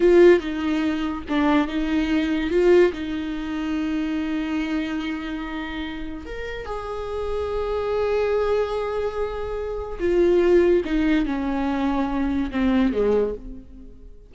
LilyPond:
\new Staff \with { instrumentName = "viola" } { \time 4/4 \tempo 4 = 144 f'4 dis'2 d'4 | dis'2 f'4 dis'4~ | dis'1~ | dis'2. ais'4 |
gis'1~ | gis'1 | f'2 dis'4 cis'4~ | cis'2 c'4 gis4 | }